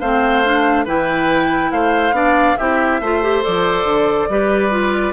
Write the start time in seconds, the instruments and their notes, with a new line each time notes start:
0.00 bassoon A3, clarinet C4, oboe C5, flute F5
0.45 clarinet D4
0.85 bassoon E3, clarinet E4, oboe B4, flute G5
1.71 bassoon A3, oboe C5, flute F5
2.12 bassoon B3, clarinet D4, oboe D5
2.57 bassoon C4, clarinet E4, oboe G4, flute E5
3.01 bassoon A3, clarinet F4, oboe C5
3.23 clarinet G4
3.43 bassoon F3, clarinet A4, flute D5
3.84 bassoon D3
4.29 bassoon G3, clarinet G4, oboe B4
4.71 clarinet F4